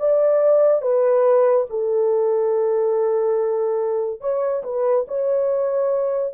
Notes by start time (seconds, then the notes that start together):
0.00 D5
0.82 B4
1.70 A4
4.21 C#5
4.64 B4
5.08 C#5